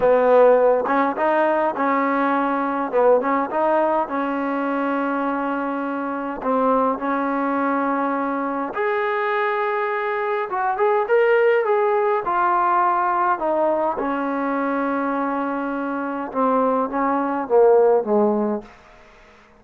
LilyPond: \new Staff \with { instrumentName = "trombone" } { \time 4/4 \tempo 4 = 103 b4. cis'8 dis'4 cis'4~ | cis'4 b8 cis'8 dis'4 cis'4~ | cis'2. c'4 | cis'2. gis'4~ |
gis'2 fis'8 gis'8 ais'4 | gis'4 f'2 dis'4 | cis'1 | c'4 cis'4 ais4 gis4 | }